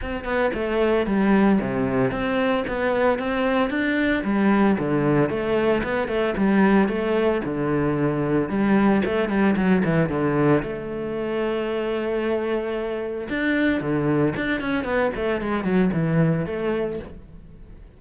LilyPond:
\new Staff \with { instrumentName = "cello" } { \time 4/4 \tempo 4 = 113 c'8 b8 a4 g4 c4 | c'4 b4 c'4 d'4 | g4 d4 a4 b8 a8 | g4 a4 d2 |
g4 a8 g8 fis8 e8 d4 | a1~ | a4 d'4 d4 d'8 cis'8 | b8 a8 gis8 fis8 e4 a4 | }